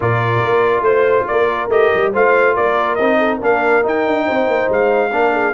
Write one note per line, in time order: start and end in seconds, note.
0.00 0.43 A#2
0.00 1.70 F4
0.00 0.85 A#4
0.00 0.83 D5
0.43 0.81 A#3
0.81 1.23 A3
0.81 1.26 C5
0.81 1.27 C5
1.27 1.68 A#3
1.27 2.12 A#4
1.27 1.69 D5
1.68 1.89 A3
1.68 2.13 G4
1.68 2.13 D#5
1.94 2.14 G3
2.12 2.56 A3
2.12 2.98 F4
2.12 2.53 C5
2.12 2.56 F5
2.53 2.99 A#3
2.53 3.17 A#4
2.53 2.95 D5
2.95 3.41 C4
2.95 3.40 D#4
2.95 3.37 D#5
3.18 3.37 A4
3.37 3.84 A#3
3.37 3.82 D4
3.37 4.22 A#4
3.43 3.86 F5
3.82 5.10 D#4
3.82 4.06 D#4
3.82 4.72 G5
4.06 4.27 D4
4.25 4.46 C4
4.25 5.10 C5
4.46 4.68 A#3
4.69 5.12 G#3
4.69 5.53 F5
5.11 5.53 A#3
5.11 5.53 D4
5.11 5.32 A#4
5.32 5.53 G#4